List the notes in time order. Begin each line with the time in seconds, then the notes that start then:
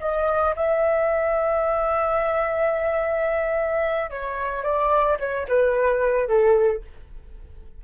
0.00 D#5
0.56 E5
4.10 C#5
4.63 D5
5.19 C#5
5.48 B4
6.27 A4